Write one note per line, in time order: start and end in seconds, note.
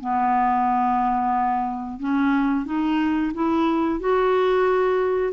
0.00 1.99 B3
1.99 2.65 C#4
2.65 3.32 D#4
3.34 4.00 E4
4.00 5.32 F#4